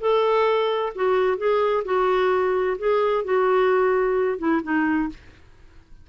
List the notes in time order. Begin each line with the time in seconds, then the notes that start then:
0.00 A4
0.95 F#4
1.37 G#4
1.85 F#4
2.78 G#4
3.24 F#4
4.38 E4
4.63 D#4